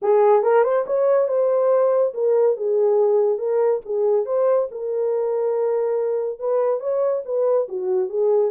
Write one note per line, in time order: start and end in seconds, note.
0.02 0.42 G#4
0.42 0.63 A#4
0.63 0.85 C5
0.86 1.28 C#5
1.28 2.13 C5
2.14 2.56 A#4
2.56 3.38 G#4
3.38 3.81 A#4
3.85 4.25 G#4
4.25 4.68 C5
4.71 6.39 A#4
6.39 6.80 B4
6.80 7.22 C#5
7.25 7.67 B4
7.68 8.09 F#4
8.09 8.51 G#4